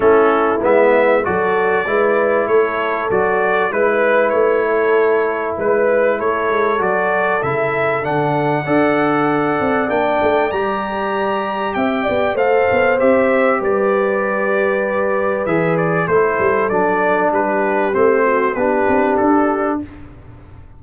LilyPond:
<<
  \new Staff \with { instrumentName = "trumpet" } { \time 4/4 \tempo 4 = 97 a'4 e''4 d''2 | cis''4 d''4 b'4 cis''4~ | cis''4 b'4 cis''4 d''4 | e''4 fis''2. |
g''4 ais''2 g''4 | f''4 e''4 d''2~ | d''4 e''8 d''8 c''4 d''4 | b'4 c''4 b'4 a'4 | }
  \new Staff \with { instrumentName = "horn" } { \time 4/4 e'2 a'4 b'4 | a'2 b'4. a'8~ | a'4 b'4 a'2~ | a'2 d''2~ |
d''2. e''8 d''8 | c''2 b'2~ | b'2 a'2 | g'4. fis'8 g'2 | }
  \new Staff \with { instrumentName = "trombone" } { \time 4/4 cis'4 b4 fis'4 e'4~ | e'4 fis'4 e'2~ | e'2. fis'4 | e'4 d'4 a'2 |
d'4 g'2. | a'4 g'2.~ | g'4 gis'4 e'4 d'4~ | d'4 c'4 d'2 | }
  \new Staff \with { instrumentName = "tuba" } { \time 4/4 a4 gis4 fis4 gis4 | a4 fis4 gis4 a4~ | a4 gis4 a8 gis8 fis4 | cis4 d4 d'4. c'8 |
ais8 a8 g2 c'8 b8 | a8 b8 c'4 g2~ | g4 e4 a8 g8 fis4 | g4 a4 b8 c'8 d'4 | }
>>